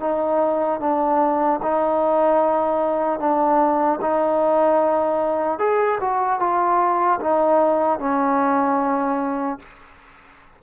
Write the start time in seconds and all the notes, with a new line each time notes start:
0.00 D#4
0.80 D4
1.63 D#4
3.20 D4
4.01 D#4
5.59 G#4
6.00 F#4
6.40 F4
7.20 D#4
7.99 C#4